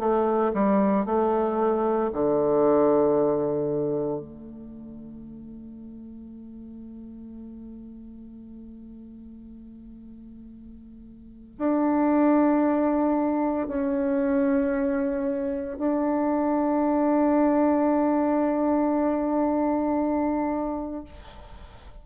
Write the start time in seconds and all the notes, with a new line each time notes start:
0.00 A3
0.54 G3
1.06 A3
2.13 D3
4.20 A3
11.59 D4
13.68 C#4
15.78 D4